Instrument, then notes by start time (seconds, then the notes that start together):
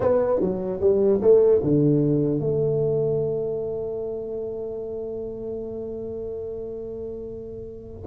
tuba
0.00 B3
0.40 F#3
0.80 G3
1.21 A3
1.63 D3
2.40 A3